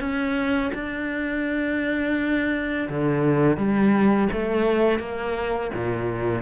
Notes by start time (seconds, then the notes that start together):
0.00 C#4
0.74 D4
2.90 D3
3.57 G3
4.33 A3
4.99 A#3
5.74 A#2